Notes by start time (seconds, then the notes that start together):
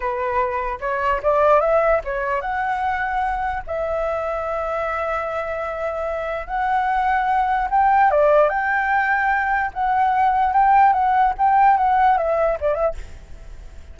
0.00 B4
0.80 C#5
1.22 D5
1.60 E5
2.04 C#5
2.41 F#5
3.67 E5
6.46 F#5
7.70 G5
8.10 D5
8.49 G5
9.73 F#5
10.52 G5
10.93 F#5
11.38 G5
11.77 F#5
12.17 E5
12.60 D5
12.74 E5